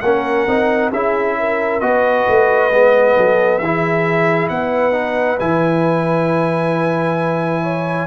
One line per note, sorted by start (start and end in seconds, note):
0.00 0.46 A#3
0.00 0.47 C#4
0.00 0.90 A#4
0.00 0.90 F#5
0.46 0.91 C4
0.46 0.92 D#4
0.90 1.81 C#4
0.90 1.81 E4
0.90 1.35 G#4
0.90 1.80 E5
1.39 1.83 A#4
1.80 2.26 B3
1.80 2.70 F#4
1.80 3.16 B4
1.80 3.58 D#5
2.28 2.71 A3
2.71 3.16 G#3
2.71 3.61 B3
3.16 3.60 F#3
3.16 3.60 A4
3.58 4.49 E3
3.58 4.92 E4
3.58 4.51 G#4
3.58 4.48 E5
4.48 5.39 B3
4.48 7.63 B4
4.48 5.38 F#5
4.92 5.37 D#4
5.39 8.07 E3
5.39 8.07 E4
5.39 8.07 G#5
7.63 8.07 C#5